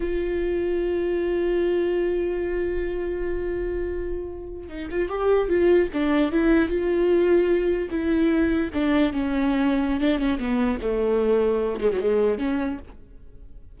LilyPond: \new Staff \with { instrumentName = "viola" } { \time 4/4 \tempo 4 = 150 f'1~ | f'1~ | f'2.~ f'8. dis'16~ | dis'16 f'8 g'4 f'4 d'4 e'16~ |
e'8. f'2. e'16~ | e'4.~ e'16 d'4 cis'4~ cis'16~ | cis'4 d'8 cis'8 b4 a4~ | a4. gis16 fis16 gis4 cis'4 | }